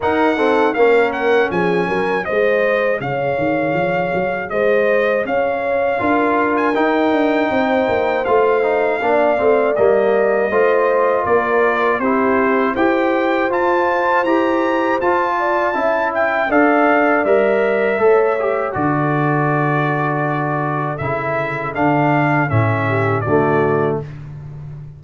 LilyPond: <<
  \new Staff \with { instrumentName = "trumpet" } { \time 4/4 \tempo 4 = 80 fis''4 f''8 fis''8 gis''4 dis''4 | f''2 dis''4 f''4~ | f''8. gis''16 g''2 f''4~ | f''4 dis''2 d''4 |
c''4 g''4 a''4 ais''4 | a''4. g''8 f''4 e''4~ | e''4 d''2. | e''4 f''4 e''4 d''4 | }
  \new Staff \with { instrumentName = "horn" } { \time 4/4 ais'8 a'8 ais'4 gis'8 ais'8 c''4 | cis''2 c''4 cis''4 | ais'2 c''2 | d''2 c''4 ais'4 |
g'4 c''2.~ | c''8 d''8 e''4 d''2 | cis''4 a'2.~ | a'2~ a'8 g'8 fis'4 | }
  \new Staff \with { instrumentName = "trombone" } { \time 4/4 dis'8 c'8 cis'2 gis'4~ | gis'1 | f'4 dis'2 f'8 dis'8 | d'8 c'8 ais4 f'2 |
e'4 g'4 f'4 g'4 | f'4 e'4 a'4 ais'4 | a'8 g'8 fis'2. | e'4 d'4 cis'4 a4 | }
  \new Staff \with { instrumentName = "tuba" } { \time 4/4 dis'4 ais4 f8 fis8 gis4 | cis8 dis8 f8 fis8 gis4 cis'4 | d'4 dis'8 d'8 c'8 ais8 a4 | ais8 a8 g4 a4 ais4 |
c'4 e'4 f'4 e'4 | f'4 cis'4 d'4 g4 | a4 d2. | cis4 d4 a,4 d4 | }
>>